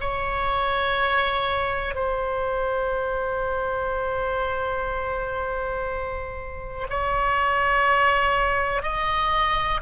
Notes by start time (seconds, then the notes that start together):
0.00 C#5
1.95 C5
6.89 C#5
8.82 D#5